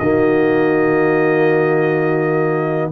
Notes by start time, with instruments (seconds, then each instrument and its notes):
0.00 tuba D#3, trombone A#3, horn F#4, trumpet D#5